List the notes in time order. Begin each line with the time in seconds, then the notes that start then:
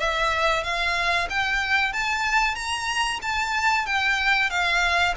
0.00 E5
0.64 F5
1.30 G5
1.93 A5
2.55 A#5
3.23 A5
3.86 G5
4.50 F5